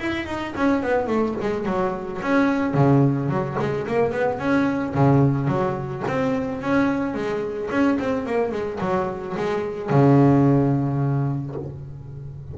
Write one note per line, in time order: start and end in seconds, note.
0.00 0.27 E4
0.27 0.54 D#4
0.57 0.83 C#4
0.83 1.08 B3
1.08 1.35 A3
1.41 1.66 G#3
1.66 2.21 F#3
2.22 2.74 C#4
2.74 3.29 C#3
3.29 3.57 F#3
3.60 3.87 G#3
3.88 4.12 A#3
4.12 4.39 B3
4.39 4.94 C#4
4.95 5.48 C#3
5.48 6.03 F#3
6.08 6.62 C4
6.62 7.15 C#4
7.15 7.70 G#3
7.71 7.98 C#4
7.99 8.26 C4
8.26 8.52 A#3
8.52 8.79 G#3
8.81 9.36 F#3
9.37 9.90 G#3
9.90 11.55 C#3